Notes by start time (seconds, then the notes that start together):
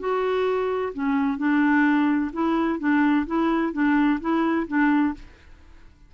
0.00 F#4
0.94 C#4
1.38 D4
2.33 E4
2.79 D4
3.27 E4
3.73 D4
4.21 E4
4.67 D4